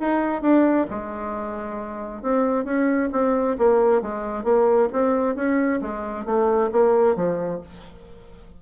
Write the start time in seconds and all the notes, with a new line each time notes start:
0.00 D#4
0.42 D4
0.90 G#3
2.22 C4
2.65 C#4
3.12 C4
3.58 A#3
4.02 G#3
4.44 A#3
4.93 C4
5.35 C#4
5.81 G#3
6.26 A3
6.72 A#3
7.16 F3